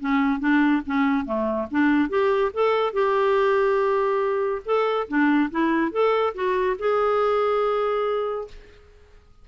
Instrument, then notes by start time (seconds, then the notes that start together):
clarinet
0.00 C#4
0.40 D4
0.86 C#4
1.25 A3
1.71 D4
2.09 G4
2.54 A4
2.93 G4
4.65 A4
5.08 D4
5.50 E4
5.91 A4
6.34 F#4
6.78 G#4